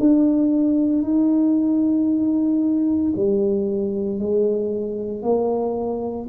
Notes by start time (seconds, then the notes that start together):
0.00 D4
1.03 D#4
3.16 G3
4.20 G#3
5.23 A#3